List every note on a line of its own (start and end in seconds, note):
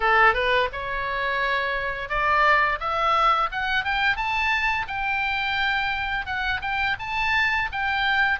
0.00 0.33 A4
0.33 0.68 B4
0.72 2.09 C#5
2.09 2.78 D5
2.79 3.49 E5
3.51 3.84 F#5
3.84 4.16 G5
4.16 4.86 A5
4.87 6.25 G5
6.25 6.60 F#5
6.61 6.96 G5
6.99 7.69 A5
7.72 8.39 G5